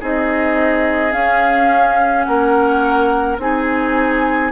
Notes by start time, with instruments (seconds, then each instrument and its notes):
0.00 bassoon C4, clarinet D#4, oboe G#4, flute D#5
1.11 clarinet C#4, bassoon C#4, flute F5
2.23 bassoon A#3, oboe A#4, flute F#5
3.38 bassoon C4, clarinet D#4, oboe G#4, flute G#5